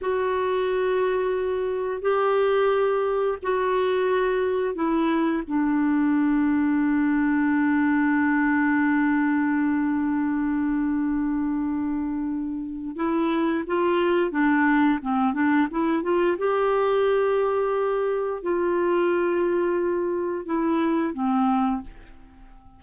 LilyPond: \new Staff \with { instrumentName = "clarinet" } { \time 4/4 \tempo 4 = 88 fis'2. g'4~ | g'4 fis'2 e'4 | d'1~ | d'1~ |
d'2. e'4 | f'4 d'4 c'8 d'8 e'8 f'8 | g'2. f'4~ | f'2 e'4 c'4 | }